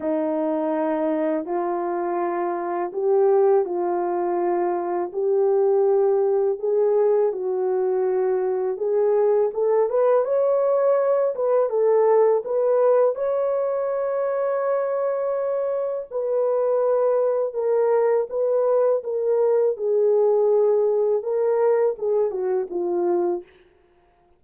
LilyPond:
\new Staff \with { instrumentName = "horn" } { \time 4/4 \tempo 4 = 82 dis'2 f'2 | g'4 f'2 g'4~ | g'4 gis'4 fis'2 | gis'4 a'8 b'8 cis''4. b'8 |
a'4 b'4 cis''2~ | cis''2 b'2 | ais'4 b'4 ais'4 gis'4~ | gis'4 ais'4 gis'8 fis'8 f'4 | }